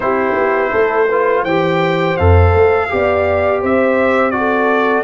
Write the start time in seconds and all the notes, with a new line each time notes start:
0.00 C4 E4 G4 C5
0.34 B3
0.71 A3 A4
1.08 F4 B4
1.43 E3 G4 C5 G5
2.16 F2 A4 F5
2.54 A3
2.89 B3 G4 D5
3.61 C4 C5 E5
4.30 F#4 D5
4.37 A4